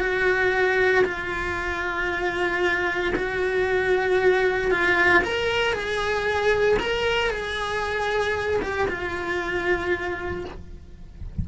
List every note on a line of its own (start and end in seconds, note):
0.00 1.04 F#4
1.05 3.13 F4
3.15 4.71 F#4
4.71 5.23 F4
5.24 5.73 A#4
5.73 6.77 G#4
6.79 7.30 A#4
7.30 8.60 G#4
8.62 8.88 G4
8.88 10.45 F4